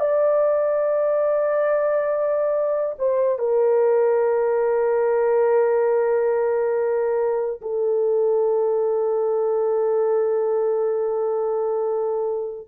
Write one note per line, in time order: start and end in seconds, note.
0.00 2.96 D5
2.98 3.38 C5
3.38 7.61 A#4
7.61 12.68 A4